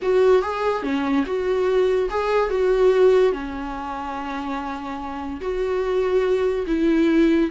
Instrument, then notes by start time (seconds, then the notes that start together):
viola
0.02 F#4
0.41 G#4
0.82 C#4
1.26 F#4
2.10 G#4
2.50 F#4
3.32 C#4
5.40 F#4
6.66 E4